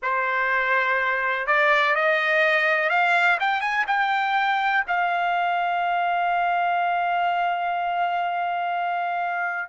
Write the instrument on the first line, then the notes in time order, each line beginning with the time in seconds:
trumpet
0.02 C5
1.46 D5
1.95 D#5
2.89 F5
3.40 G5
3.60 G#5
3.87 G5
4.87 F5